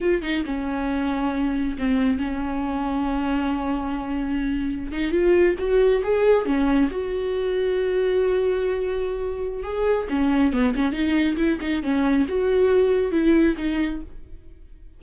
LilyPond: \new Staff \with { instrumentName = "viola" } { \time 4/4 \tempo 4 = 137 f'8 dis'8 cis'2. | c'4 cis'2.~ | cis'2.~ cis'16 dis'8 f'16~ | f'8. fis'4 gis'4 cis'4 fis'16~ |
fis'1~ | fis'2 gis'4 cis'4 | b8 cis'8 dis'4 e'8 dis'8 cis'4 | fis'2 e'4 dis'4 | }